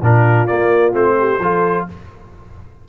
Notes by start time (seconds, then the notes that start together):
0.00 A#2 D4 F4 A#4
0.47 A#3 D5
0.92 A3 C4 C5
1.19 G4
1.39 F3 F4 A4